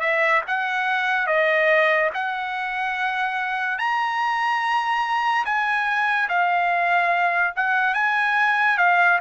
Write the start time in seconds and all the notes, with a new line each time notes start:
0.00 E5
0.47 F#5
1.27 D#5
2.14 F#5
3.78 A#5
5.45 G#5
6.29 F5
7.56 F#5
7.94 G#5
8.78 F5